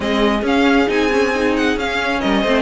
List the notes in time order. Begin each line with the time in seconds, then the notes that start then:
0.00 G#3 C4 G#4 D#5
0.41 C#4 F5
0.87 C4 D#4 G#5
1.10 C#4
1.34 D#4
1.56 F#5
1.76 C#4 F5
2.20 G3 A#4 D#5
2.41 A3 C4 C5